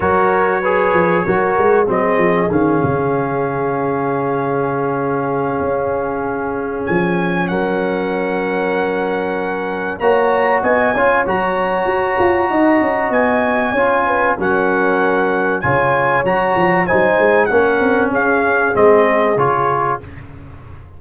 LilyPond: <<
  \new Staff \with { instrumentName = "trumpet" } { \time 4/4 \tempo 4 = 96 cis''2. dis''4 | f''1~ | f''2. gis''4 | fis''1 |
ais''4 gis''4 ais''2~ | ais''4 gis''2 fis''4~ | fis''4 gis''4 ais''4 gis''4 | fis''4 f''4 dis''4 cis''4 | }
  \new Staff \with { instrumentName = "horn" } { \time 4/4 ais'4 b'4 ais'4 gis'4~ | gis'1~ | gis'1 | ais'1 |
cis''4 dis''8 cis''2~ cis''8 | dis''2 cis''8 b'8 ais'4~ | ais'4 cis''2 c''4 | ais'4 gis'2. | }
  \new Staff \with { instrumentName = "trombone" } { \time 4/4 fis'4 gis'4 fis'4 c'4 | cis'1~ | cis'1~ | cis'1 |
fis'4. f'8 fis'2~ | fis'2 f'4 cis'4~ | cis'4 f'4 fis'4 dis'4 | cis'2 c'4 f'4 | }
  \new Staff \with { instrumentName = "tuba" } { \time 4/4 fis4. f8 fis8 gis8 fis8 f8 | dis8 cis2.~ cis8~ | cis4 cis'2 f4 | fis1 |
ais4 b8 cis'8 fis4 fis'8 f'8 | dis'8 cis'8 b4 cis'4 fis4~ | fis4 cis4 fis8 f8 fis8 gis8 | ais8 c'8 cis'4 gis4 cis4 | }
>>